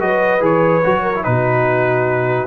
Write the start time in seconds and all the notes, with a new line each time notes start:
0.00 F#3 F#4 B4 D#5
0.40 E3 G#4 C#5
0.84 F#3 F#4
1.02 A#4
1.15 E4
1.24 B2 D#4 F#4 B4